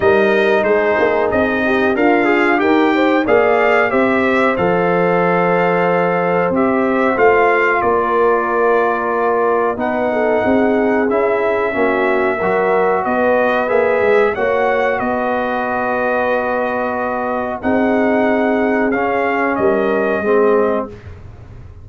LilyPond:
<<
  \new Staff \with { instrumentName = "trumpet" } { \time 4/4 \tempo 4 = 92 dis''4 c''4 dis''4 f''4 | g''4 f''4 e''4 f''4~ | f''2 e''4 f''4 | d''2. fis''4~ |
fis''4 e''2. | dis''4 e''4 fis''4 dis''4~ | dis''2. fis''4~ | fis''4 f''4 dis''2 | }
  \new Staff \with { instrumentName = "horn" } { \time 4/4 ais'4 gis'4. g'8 f'4 | ais'8 c''8 d''4 c''2~ | c''1 | ais'2. b'8 a'8 |
gis'2 fis'4 ais'4 | b'2 cis''4 b'4~ | b'2. gis'4~ | gis'2 ais'4 gis'4 | }
  \new Staff \with { instrumentName = "trombone" } { \time 4/4 dis'2. ais'8 gis'8 | g'4 gis'4 g'4 a'4~ | a'2 g'4 f'4~ | f'2. dis'4~ |
dis'4 e'4 cis'4 fis'4~ | fis'4 gis'4 fis'2~ | fis'2. dis'4~ | dis'4 cis'2 c'4 | }
  \new Staff \with { instrumentName = "tuba" } { \time 4/4 g4 gis8 ais8 c'4 d'4 | dis'4 ais4 c'4 f4~ | f2 c'4 a4 | ais2. b4 |
c'4 cis'4 ais4 fis4 | b4 ais8 gis8 ais4 b4~ | b2. c'4~ | c'4 cis'4 g4 gis4 | }
>>